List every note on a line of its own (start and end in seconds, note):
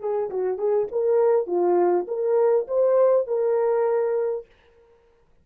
0.00 0.30 G#4
0.30 0.58 F#4
0.58 0.88 G#4
0.92 1.47 A#4
1.47 2.07 F4
2.08 2.67 A#4
2.68 3.27 C5
3.27 4.46 A#4